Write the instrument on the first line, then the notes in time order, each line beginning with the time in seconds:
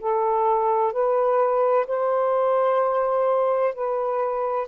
saxophone
0.00 A4
0.92 B4
1.87 C5
3.75 B4